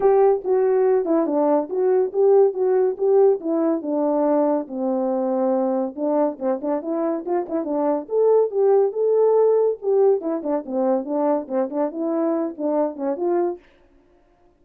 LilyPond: \new Staff \with { instrumentName = "horn" } { \time 4/4 \tempo 4 = 141 g'4 fis'4. e'8 d'4 | fis'4 g'4 fis'4 g'4 | e'4 d'2 c'4~ | c'2 d'4 c'8 d'8 |
e'4 f'8 e'8 d'4 a'4 | g'4 a'2 g'4 | e'8 d'8 c'4 d'4 c'8 d'8 | e'4. d'4 cis'8 f'4 | }